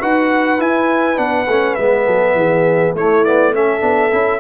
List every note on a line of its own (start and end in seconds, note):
0.00 0.60 D#4
0.00 0.58 F#4
0.00 2.06 B4
0.00 0.61 F#5
0.58 1.16 E4
0.58 1.18 E4
0.58 1.19 G#5
1.16 1.47 B3
1.16 1.46 D4
1.16 1.75 F#5
1.47 1.77 A3
1.47 1.79 C#4
1.75 2.07 G#3
1.75 2.97 B3
1.75 2.93 E5
2.06 2.35 F#3
2.06 2.35 A4
2.35 2.94 E3
2.35 2.95 G#4
2.94 3.82 A3
2.94 3.25 A3
2.94 3.54 E4
2.94 3.24 C#5
3.24 3.54 B3
3.24 3.54 D5
3.54 3.81 C#4
3.54 4.40 A4
3.54 4.40 E5
3.81 4.12 B3
3.81 4.10 D4
4.11 4.40 C#4
4.11 4.40 E4